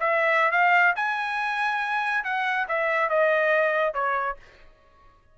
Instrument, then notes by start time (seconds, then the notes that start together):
trumpet
0.00 E5
0.52 F5
0.96 G#5
2.24 F#5
2.68 E5
3.10 D#5
3.94 C#5